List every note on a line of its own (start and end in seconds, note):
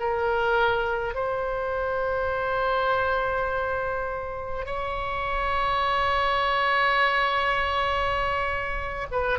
0.00 1.14 A#4
1.14 4.66 C5
4.66 9.07 C#5
9.11 9.39 B4